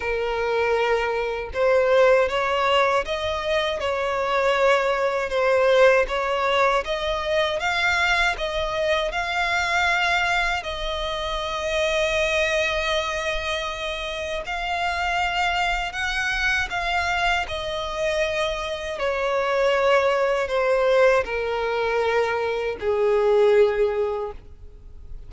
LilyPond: \new Staff \with { instrumentName = "violin" } { \time 4/4 \tempo 4 = 79 ais'2 c''4 cis''4 | dis''4 cis''2 c''4 | cis''4 dis''4 f''4 dis''4 | f''2 dis''2~ |
dis''2. f''4~ | f''4 fis''4 f''4 dis''4~ | dis''4 cis''2 c''4 | ais'2 gis'2 | }